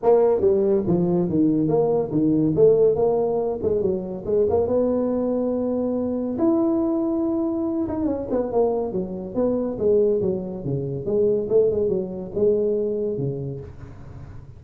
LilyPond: \new Staff \with { instrumentName = "tuba" } { \time 4/4 \tempo 4 = 141 ais4 g4 f4 dis4 | ais4 dis4 a4 ais4~ | ais8 gis8 fis4 gis8 ais8 b4~ | b2. e'4~ |
e'2~ e'8 dis'8 cis'8 b8 | ais4 fis4 b4 gis4 | fis4 cis4 gis4 a8 gis8 | fis4 gis2 cis4 | }